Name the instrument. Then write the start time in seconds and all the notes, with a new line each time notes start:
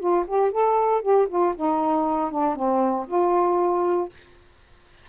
saxophone
0.00 F4
0.27 G4
0.52 A4
1.02 G4
1.29 F4
1.57 D#4
2.31 D4
2.56 C4
3.08 F4